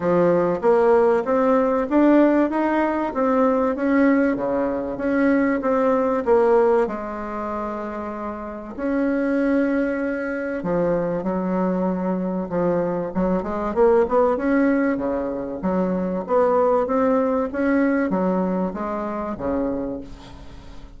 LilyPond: \new Staff \with { instrumentName = "bassoon" } { \time 4/4 \tempo 4 = 96 f4 ais4 c'4 d'4 | dis'4 c'4 cis'4 cis4 | cis'4 c'4 ais4 gis4~ | gis2 cis'2~ |
cis'4 f4 fis2 | f4 fis8 gis8 ais8 b8 cis'4 | cis4 fis4 b4 c'4 | cis'4 fis4 gis4 cis4 | }